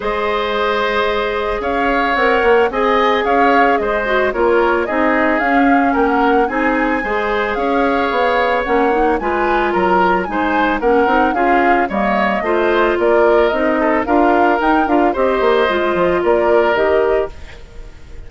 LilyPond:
<<
  \new Staff \with { instrumentName = "flute" } { \time 4/4 \tempo 4 = 111 dis''2. f''4 | fis''4 gis''4 f''4 dis''4 | cis''4 dis''4 f''4 g''16 fis''8. | gis''2 f''2 |
fis''4 gis''4 ais''4 gis''4 | fis''4 f''4 dis''2 | d''4 dis''4 f''4 g''8 f''8 | dis''2 d''4 dis''4 | }
  \new Staff \with { instrumentName = "oboe" } { \time 4/4 c''2. cis''4~ | cis''4 dis''4 cis''4 c''4 | ais'4 gis'2 ais'4 | gis'4 c''4 cis''2~ |
cis''4 b'4 ais'4 c''4 | ais'4 gis'4 cis''4 c''4 | ais'4. a'8 ais'2 | c''2 ais'2 | }
  \new Staff \with { instrumentName = "clarinet" } { \time 4/4 gis'1 | ais'4 gis'2~ gis'8 fis'8 | f'4 dis'4 cis'2 | dis'4 gis'2. |
cis'8 dis'8 f'2 dis'4 | cis'8 dis'8 f'4 ais4 f'4~ | f'4 dis'4 f'4 dis'8 f'8 | g'4 f'2 g'4 | }
  \new Staff \with { instrumentName = "bassoon" } { \time 4/4 gis2. cis'4 | c'8 ais8 c'4 cis'4 gis4 | ais4 c'4 cis'4 ais4 | c'4 gis4 cis'4 b4 |
ais4 gis4 fis4 gis4 | ais8 c'8 cis'4 g4 a4 | ais4 c'4 d'4 dis'8 d'8 | c'8 ais8 gis8 f8 ais4 dis4 | }
>>